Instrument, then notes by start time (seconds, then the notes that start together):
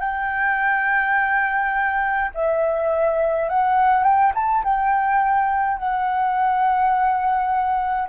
flute
0.00 G5
2.34 E5
3.49 F#5
4.04 G5
4.35 A5
4.64 G5
5.78 F#5